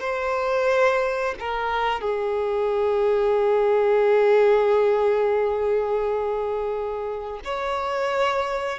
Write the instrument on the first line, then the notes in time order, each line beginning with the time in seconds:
violin
0.00 C5
1.40 A#4
2.01 G#4
7.45 C#5